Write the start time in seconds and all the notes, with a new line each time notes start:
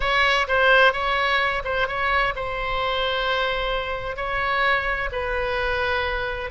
0.00 C#5
0.47 C5
0.92 C#5
1.64 C5
1.87 C#5
2.35 C5
4.16 C#5
5.12 B4